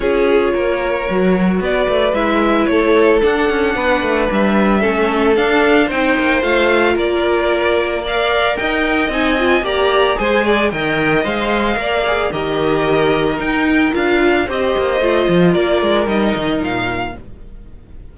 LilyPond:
<<
  \new Staff \with { instrumentName = "violin" } { \time 4/4 \tempo 4 = 112 cis''2. d''4 | e''4 cis''4 fis''2 | e''2 f''4 g''4 | f''4 d''2 f''4 |
g''4 gis''4 ais''4 gis''4 | g''4 f''2 dis''4~ | dis''4 g''4 f''4 dis''4~ | dis''4 d''4 dis''4 f''4 | }
  \new Staff \with { instrumentName = "violin" } { \time 4/4 gis'4 ais'2 b'4~ | b'4 a'2 b'4~ | b'4 a'2 c''4~ | c''4 ais'2 d''4 |
dis''2 d''4 c''8 d''8 | dis''2 d''4 ais'4~ | ais'2. c''4~ | c''4 ais'2. | }
  \new Staff \with { instrumentName = "viola" } { \time 4/4 f'2 fis'2 | e'2 d'2~ | d'4 cis'4 d'4 dis'4 | f'2. ais'4~ |
ais'4 dis'8 f'8 g'4 gis'4 | ais'4 c''4 ais'8 gis'8 g'4~ | g'4 dis'4 f'4 g'4 | f'2 dis'2 | }
  \new Staff \with { instrumentName = "cello" } { \time 4/4 cis'4 ais4 fis4 b8 a8 | gis4 a4 d'8 cis'8 b8 a8 | g4 a4 d'4 c'8 ais8 | a4 ais2. |
dis'4 c'4 ais4 gis4 | dis4 gis4 ais4 dis4~ | dis4 dis'4 d'4 c'8 ais8 | a8 f8 ais8 gis8 g8 dis8 ais,4 | }
>>